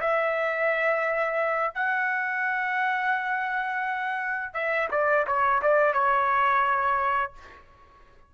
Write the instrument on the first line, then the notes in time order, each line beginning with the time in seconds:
trumpet
0.00 E5
1.74 F#5
4.53 E5
4.91 D5
5.26 C#5
5.62 D5
5.93 C#5